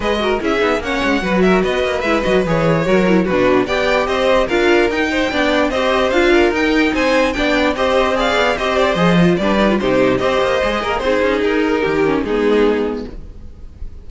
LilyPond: <<
  \new Staff \with { instrumentName = "violin" } { \time 4/4 \tempo 4 = 147 dis''4 e''4 fis''4. e''8 | dis''4 e''8 dis''8 cis''2 | b'4 g''4 dis''4 f''4 | g''2 dis''4 f''4 |
g''4 gis''4 g''4 dis''4 | f''4 dis''8 d''8 dis''4 d''4 | c''4 dis''2 c''4 | ais'2 gis'2 | }
  \new Staff \with { instrumentName = "violin" } { \time 4/4 b'8 ais'8 gis'4 cis''4 b'8 ais'8 | b'2. ais'4 | fis'4 d''4 c''4 ais'4~ | ais'8 c''8 d''4 c''4. ais'8~ |
ais'4 c''4 d''4 c''4 | d''4 c''2 b'4 | g'4 c''4. ais'8 gis'4~ | gis'4 g'4 dis'2 | }
  \new Staff \with { instrumentName = "viola" } { \time 4/4 gis'8 fis'8 e'8 dis'8 cis'4 fis'4~ | fis'4 e'8 fis'8 gis'4 fis'8 e'8 | d'4 g'2 f'4 | dis'4 d'4 g'4 f'4 |
dis'2 d'4 g'4 | gis'4 g'4 gis'8 f'8 d'8 dis'16 f'16 | dis'4 g'4 gis'4 dis'4~ | dis'4. cis'8 b2 | }
  \new Staff \with { instrumentName = "cello" } { \time 4/4 gis4 cis'8 b8 ais8 gis8 fis4 | b8 ais8 gis8 fis8 e4 fis4 | b,4 b4 c'4 d'4 | dis'4 b4 c'4 d'4 |
dis'4 c'4 b4 c'4~ | c'8 b8 c'4 f4 g4 | c4 c'8 ais8 gis8 ais8 c'8 cis'8 | dis'4 dis4 gis2 | }
>>